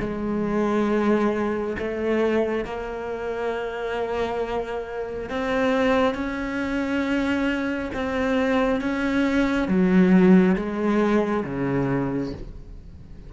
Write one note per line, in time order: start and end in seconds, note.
0.00 1.76 G#3
1.78 2.65 A3
2.65 5.30 A#3
5.30 6.14 C4
6.14 7.91 C#4
7.94 8.81 C4
8.81 9.68 C#4
9.68 10.56 F#3
10.56 11.44 G#3
11.45 12.33 C#3